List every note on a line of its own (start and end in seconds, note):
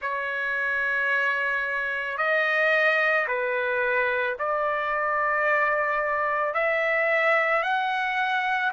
0.01 2.17 C#5
2.17 3.26 D#5
3.27 4.36 B4
4.38 6.54 D5
6.54 7.62 E5
7.62 8.71 F#5